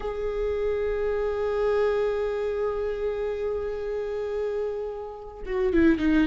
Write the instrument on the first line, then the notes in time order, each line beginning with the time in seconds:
viola
0.00 G#4
5.45 F#4
5.73 E4
5.98 D#4